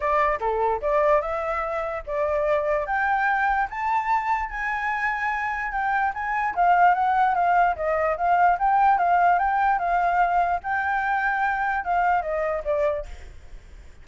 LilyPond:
\new Staff \with { instrumentName = "flute" } { \time 4/4 \tempo 4 = 147 d''4 a'4 d''4 e''4~ | e''4 d''2 g''4~ | g''4 a''2 gis''4~ | gis''2 g''4 gis''4 |
f''4 fis''4 f''4 dis''4 | f''4 g''4 f''4 g''4 | f''2 g''2~ | g''4 f''4 dis''4 d''4 | }